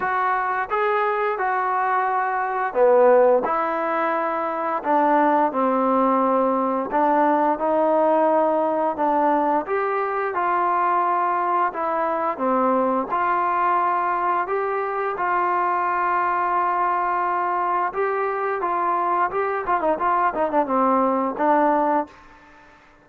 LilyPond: \new Staff \with { instrumentName = "trombone" } { \time 4/4 \tempo 4 = 87 fis'4 gis'4 fis'2 | b4 e'2 d'4 | c'2 d'4 dis'4~ | dis'4 d'4 g'4 f'4~ |
f'4 e'4 c'4 f'4~ | f'4 g'4 f'2~ | f'2 g'4 f'4 | g'8 f'16 dis'16 f'8 dis'16 d'16 c'4 d'4 | }